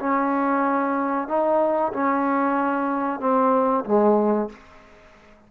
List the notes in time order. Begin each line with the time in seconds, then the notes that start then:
0.00 C#4
1.28 D#4
1.94 C#4
3.21 C4
3.85 G#3